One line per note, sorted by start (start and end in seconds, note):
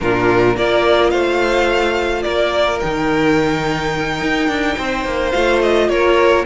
0.00 0.56 A#2
0.00 0.58 D4
0.00 0.55 F4
0.00 0.56 A#4
0.55 1.12 A#3
0.55 2.82 F4
0.55 1.11 A#4
0.55 1.10 D5
1.10 2.24 A3
1.10 2.23 C5
1.10 2.22 F5
2.22 2.82 A#3
2.22 4.76 A#4
2.22 2.78 D5
2.80 4.21 D#3
2.80 5.33 D#4
2.80 5.30 G5
4.21 4.48 D#4
4.48 4.76 D4
4.76 5.05 C4
4.76 5.88 C5
5.05 5.33 A#3
5.30 5.89 A3
5.30 6.45 F4
5.30 5.59 F5
5.62 5.89 D#5
5.89 6.45 A#3
5.89 6.45 A#4
5.89 6.45 C#5